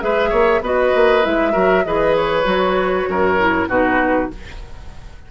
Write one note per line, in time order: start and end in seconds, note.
0.00 0.32 G#3
0.00 0.61 G#4
0.00 0.29 B4
0.00 0.62 E5
0.29 0.60 A#3
0.29 0.60 C#5
0.60 0.91 B3
0.60 1.22 F#4
0.60 1.52 B4
0.60 1.25 D#5
0.95 1.25 A#3
1.22 1.55 G#3
1.22 1.52 E4
1.22 1.84 E5
1.52 1.85 F#3
1.52 1.83 F#4
1.52 1.83 A#4
1.84 2.45 E3
1.84 2.43 G#4
1.84 3.09 B4
1.84 2.15 D#5
2.15 3.68 C#5
2.43 3.06 F#3
2.43 3.35 F#4
3.07 3.68 F#2
3.07 3.68 A#4
3.39 3.69 E4
3.68 4.29 B2
3.68 4.30 D#4
3.68 4.29 F#4
3.68 4.30 B4